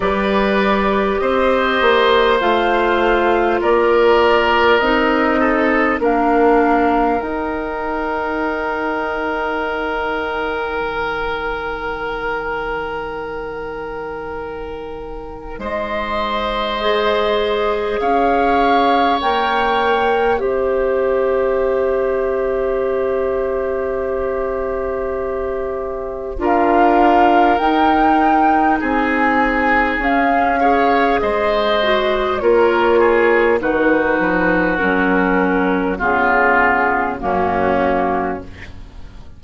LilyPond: <<
  \new Staff \with { instrumentName = "flute" } { \time 4/4 \tempo 4 = 50 d''4 dis''4 f''4 d''4 | dis''4 f''4 g''2~ | g''1~ | g''4 dis''2 f''4 |
g''4 e''2.~ | e''2 f''4 g''4 | gis''4 f''4 dis''4 cis''4 | b'4 ais'4 gis'4 fis'4 | }
  \new Staff \with { instrumentName = "oboe" } { \time 4/4 b'4 c''2 ais'4~ | ais'8 a'8 ais'2.~ | ais'1~ | ais'4 c''2 cis''4~ |
cis''4 c''2.~ | c''2 ais'2 | gis'4. cis''8 c''4 ais'8 gis'8 | fis'2 f'4 cis'4 | }
  \new Staff \with { instrumentName = "clarinet" } { \time 4/4 g'2 f'2 | dis'4 d'4 dis'2~ | dis'1~ | dis'2 gis'2 |
ais'4 g'2.~ | g'2 f'4 dis'4~ | dis'4 cis'8 gis'4 fis'8 f'4 | dis'4 cis'4 b4 ais4 | }
  \new Staff \with { instrumentName = "bassoon" } { \time 4/4 g4 c'8 ais8 a4 ais4 | c'4 ais4 dis'2~ | dis'4 dis2.~ | dis4 gis2 cis'4 |
ais4 c'2.~ | c'2 d'4 dis'4 | c'4 cis'4 gis4 ais4 | dis8 f8 fis4 cis4 fis,4 | }
>>